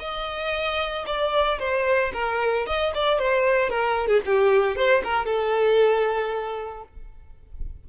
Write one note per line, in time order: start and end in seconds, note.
0.00 1.05 D#5
1.07 1.59 D5
1.60 2.12 C5
2.14 2.67 A#4
2.67 2.93 D#5
2.95 3.19 D5
3.19 3.70 C5
3.70 4.08 A#4
4.08 4.21 G#4
4.26 4.77 G4
4.77 5.03 C5
5.04 5.26 A#4
5.26 6.84 A4